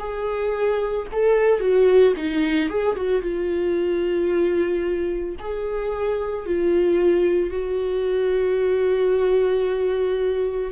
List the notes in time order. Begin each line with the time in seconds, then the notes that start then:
0.00 G#4
1.12 A4
1.61 F#4
2.17 D#4
2.70 G#4
2.97 F#4
3.22 F4
5.40 G#4
6.46 F4
7.50 F#4